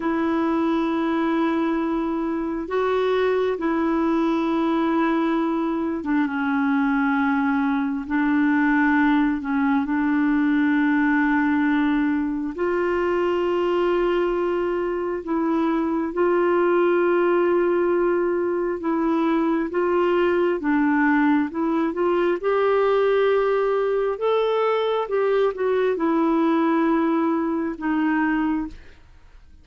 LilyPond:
\new Staff \with { instrumentName = "clarinet" } { \time 4/4 \tempo 4 = 67 e'2. fis'4 | e'2~ e'8. d'16 cis'4~ | cis'4 d'4. cis'8 d'4~ | d'2 f'2~ |
f'4 e'4 f'2~ | f'4 e'4 f'4 d'4 | e'8 f'8 g'2 a'4 | g'8 fis'8 e'2 dis'4 | }